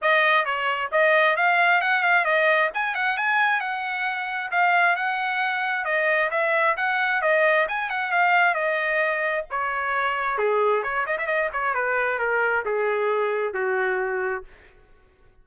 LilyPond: \new Staff \with { instrumentName = "trumpet" } { \time 4/4 \tempo 4 = 133 dis''4 cis''4 dis''4 f''4 | fis''8 f''8 dis''4 gis''8 fis''8 gis''4 | fis''2 f''4 fis''4~ | fis''4 dis''4 e''4 fis''4 |
dis''4 gis''8 fis''8 f''4 dis''4~ | dis''4 cis''2 gis'4 | cis''8 dis''16 e''16 dis''8 cis''8 b'4 ais'4 | gis'2 fis'2 | }